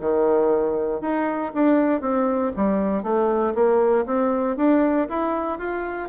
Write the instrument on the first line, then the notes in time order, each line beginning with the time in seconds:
bassoon
0.00 D#3
1.01 D#4
1.54 D4
2.01 C4
2.56 G3
3.03 A3
3.55 A#3
4.06 C4
4.57 D4
5.09 E4
5.58 F4